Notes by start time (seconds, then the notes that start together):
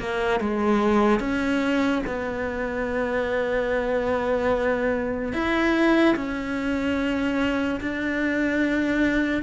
0.00 A#3
0.41 G#3
1.20 C#4
2.07 B3
5.33 E4
6.16 C#4
7.81 D4